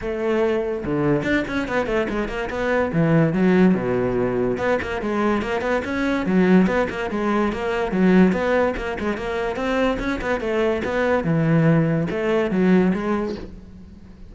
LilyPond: \new Staff \with { instrumentName = "cello" } { \time 4/4 \tempo 4 = 144 a2 d4 d'8 cis'8 | b8 a8 gis8 ais8 b4 e4 | fis4 b,2 b8 ais8 | gis4 ais8 b8 cis'4 fis4 |
b8 ais8 gis4 ais4 fis4 | b4 ais8 gis8 ais4 c'4 | cis'8 b8 a4 b4 e4~ | e4 a4 fis4 gis4 | }